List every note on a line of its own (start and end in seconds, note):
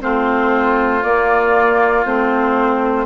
0.00 1.03 A3
0.00 1.02 C4
0.00 3.05 F4
0.00 1.03 C5
1.03 2.05 A#3
1.03 2.04 D5
2.05 3.05 A3
2.05 3.05 C4
2.05 3.05 C5